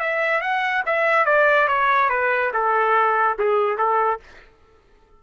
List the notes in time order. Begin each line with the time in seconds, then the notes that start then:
0.00 E5
0.41 F#5
0.86 E5
1.26 D5
1.68 C#5
2.10 B4
2.54 A4
3.39 G#4
3.78 A4